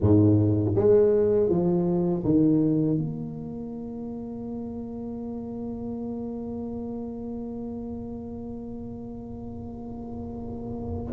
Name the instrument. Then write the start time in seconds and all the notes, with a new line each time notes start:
tuba
0.00 G#2
0.75 G#3
1.49 F3
2.24 D#3
2.98 A#3